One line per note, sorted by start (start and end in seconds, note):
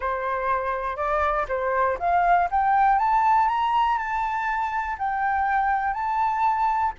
0.00 0.96 C5
0.96 1.46 D5
1.48 1.98 C5
1.99 2.48 F5
2.50 2.99 G5
2.99 3.48 A5
3.48 3.97 A#5
3.97 4.97 A5
4.98 5.93 G5
5.93 6.93 A5